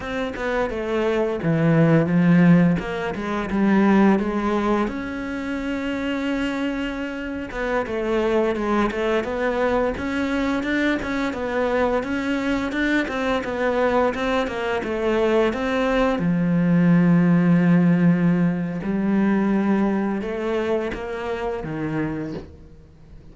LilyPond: \new Staff \with { instrumentName = "cello" } { \time 4/4 \tempo 4 = 86 c'8 b8 a4 e4 f4 | ais8 gis8 g4 gis4 cis'4~ | cis'2~ cis'8. b8 a8.~ | a16 gis8 a8 b4 cis'4 d'8 cis'16~ |
cis'16 b4 cis'4 d'8 c'8 b8.~ | b16 c'8 ais8 a4 c'4 f8.~ | f2. g4~ | g4 a4 ais4 dis4 | }